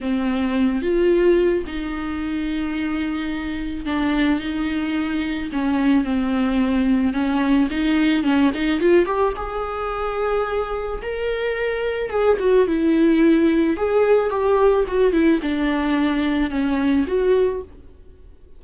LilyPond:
\new Staff \with { instrumentName = "viola" } { \time 4/4 \tempo 4 = 109 c'4. f'4. dis'4~ | dis'2. d'4 | dis'2 cis'4 c'4~ | c'4 cis'4 dis'4 cis'8 dis'8 |
f'8 g'8 gis'2. | ais'2 gis'8 fis'8 e'4~ | e'4 gis'4 g'4 fis'8 e'8 | d'2 cis'4 fis'4 | }